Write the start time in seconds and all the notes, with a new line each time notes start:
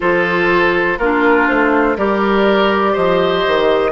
0.00 F3 F4 A4 C5
0.98 A#3 D4 F4 A#4
1.47 A3 C5
1.97 G3 G4 A#4 D5
2.92 F3 C5 D#5
3.46 D#3